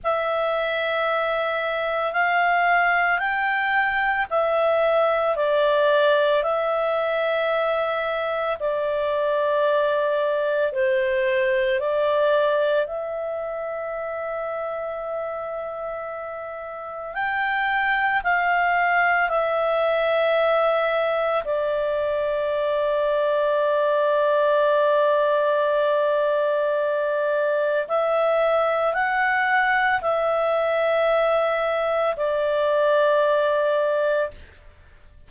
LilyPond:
\new Staff \with { instrumentName = "clarinet" } { \time 4/4 \tempo 4 = 56 e''2 f''4 g''4 | e''4 d''4 e''2 | d''2 c''4 d''4 | e''1 |
g''4 f''4 e''2 | d''1~ | d''2 e''4 fis''4 | e''2 d''2 | }